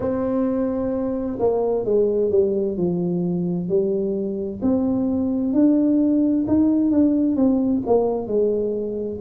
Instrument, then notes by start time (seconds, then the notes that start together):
tuba
0.00 C4
1.38 A#3
1.85 G#3
2.31 G3
2.77 F3
3.68 G3
4.62 C4
5.53 D4
6.47 D#4
6.91 D4
7.36 C4
7.86 A#3
8.27 G#3